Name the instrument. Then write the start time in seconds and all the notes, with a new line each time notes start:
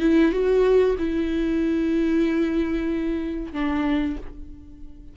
viola
0.00 E4
0.32 F#4
0.99 E4
3.53 D4